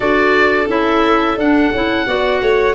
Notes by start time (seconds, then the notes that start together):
0.00 D4 F#4 A4 D5
0.68 C#4 E4 E5
1.36 D4 F#5
1.71 C#4 E4
2.06 B3 F#4 D5
2.41 A3 C#5